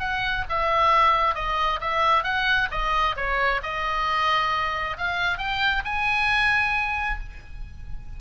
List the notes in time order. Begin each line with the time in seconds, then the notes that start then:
0.00 F#5
0.50 E5
1.35 D#5
1.81 E5
2.24 F#5
2.72 D#5
3.17 C#5
3.64 D#5
4.98 F5
5.38 G5
5.85 G#5